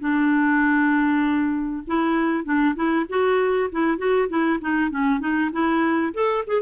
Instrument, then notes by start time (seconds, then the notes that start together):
clarinet
0.00 D4
1.88 E4
2.45 D4
2.76 E4
3.09 F#4
3.72 E4
3.99 F#4
4.29 E4
4.61 D#4
4.91 C#4
5.20 D#4
5.53 E4
6.14 A4
6.47 G#4